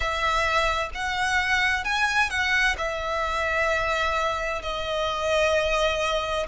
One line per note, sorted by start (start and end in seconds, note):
0.00 0.90 E5
0.94 1.84 F#5
1.84 2.30 G#5
2.30 2.76 F#5
2.77 4.62 E5
4.62 6.46 D#5